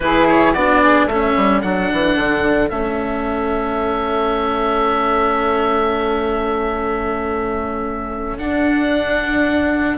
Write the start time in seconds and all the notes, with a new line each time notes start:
0.00 E3 E4 G#4 B4
0.28 C#5
0.53 B3 D4 F#4 D5
0.82 G#4
1.06 A3 C#4 A4 E5
1.36 G3
1.61 F#3 D4 F#5
1.92 E3
2.15 D3
2.69 A3 C#4 E5
8.38 D4 F#5